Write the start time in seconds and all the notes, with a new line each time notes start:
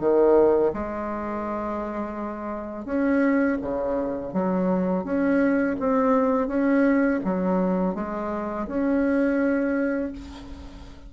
0.00 D#3
0.74 G#3
2.85 C#4
3.62 C#3
4.33 F#3
5.04 C#4
5.80 C4
6.48 C#4
7.25 F#3
7.95 G#3
8.67 C#4